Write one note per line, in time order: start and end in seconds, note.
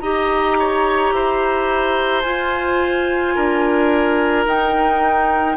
0.00 1.13 D#4
0.00 2.24 G4
0.00 0.58 D#5
0.00 2.22 A#5
0.59 1.15 C#5
1.13 2.24 E4
1.13 3.35 C5
2.22 3.35 F4
2.22 4.47 F4
2.22 4.44 G#5
3.35 4.46 D4
3.35 5.58 A#4
4.46 5.57 D#4
4.46 5.58 D#4
4.46 5.58 G5